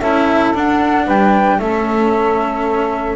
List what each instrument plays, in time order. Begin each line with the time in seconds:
0.00 double bass C#4, cello E4, saxophone A4, flute E5
0.54 double bass D4, cello D4, flute F#5
1.05 double bass G3, saxophone B4, flute G5
1.59 double bass A3, cello C#4, saxophone A4, flute E5